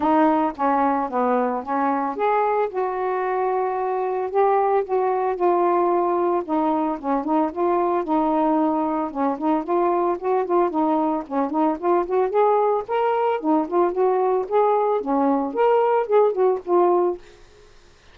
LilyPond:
\new Staff \with { instrumentName = "saxophone" } { \time 4/4 \tempo 4 = 112 dis'4 cis'4 b4 cis'4 | gis'4 fis'2. | g'4 fis'4 f'2 | dis'4 cis'8 dis'8 f'4 dis'4~ |
dis'4 cis'8 dis'8 f'4 fis'8 f'8 | dis'4 cis'8 dis'8 f'8 fis'8 gis'4 | ais'4 dis'8 f'8 fis'4 gis'4 | cis'4 ais'4 gis'8 fis'8 f'4 | }